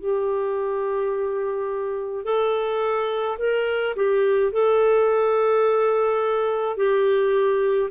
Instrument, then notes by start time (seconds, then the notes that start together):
clarinet
0.00 G4
2.25 A4
3.39 A#4
3.96 G4
4.52 A4
6.77 G4